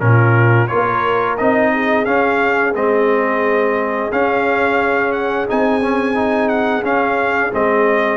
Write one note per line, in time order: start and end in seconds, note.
0.00 0.69 A#2
0.00 0.68 C#4
0.00 0.69 F4
0.00 0.68 A#4
0.68 1.40 A#3
0.68 1.37 F4
0.68 1.72 A#4
0.68 1.36 C#5
1.37 2.07 C4
1.37 2.06 D#4
1.37 2.05 D#5
1.74 8.17 G#4
2.05 2.74 C#4
2.05 2.75 C#4
2.05 2.73 F5
2.75 4.11 G#3
2.75 4.12 C4
2.75 4.12 D#5
4.12 5.48 C#4
4.12 5.12 F5
5.12 5.46 F#5
5.48 6.82 C4
5.48 5.81 D#4
5.48 6.49 G#5
5.81 6.15 C#4
6.15 6.83 D#4
6.49 6.83 F#5
6.82 7.51 C#4
6.82 7.52 C#4
6.82 7.53 F5
7.53 8.17 G#3
7.53 8.17 C4
7.53 8.17 D#5